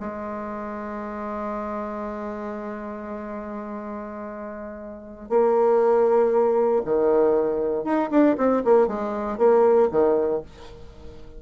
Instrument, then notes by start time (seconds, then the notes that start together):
bassoon
0.00 G#3
5.30 A#3
6.85 D#3
7.84 D#4
8.11 D4
8.37 C4
8.64 A#3
8.87 G#3
9.38 A#3
9.91 D#3